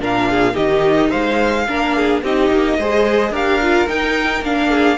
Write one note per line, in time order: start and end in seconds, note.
0.00 0.56 A#2
0.00 0.53 D4
0.00 0.29 A#4
0.00 0.56 F5
0.30 0.54 G#4
0.53 1.12 D#3
0.53 1.64 D#4
0.53 1.10 G4
0.53 1.11 D#5
1.10 1.69 G#3
1.10 1.65 C5
1.10 2.22 F5
1.68 2.22 A#3
1.68 2.23 D4
1.68 1.97 A#4
1.97 2.24 G#4
2.22 2.50 C4
2.22 2.80 D#4
2.22 2.79 G4
2.22 3.35 D#5
2.50 2.78 A#3
2.78 3.30 G#3
2.78 3.33 G#4
2.78 3.31 C5
3.30 3.86 D4
3.30 3.61 G4
3.30 4.69 A#4
3.30 3.89 F5
3.62 3.88 F4
3.88 4.43 D#4
3.88 4.42 D#4
3.88 4.44 G5
4.42 4.97 A#3
4.42 4.98 D4
4.42 4.98 F5
4.69 4.97 G#4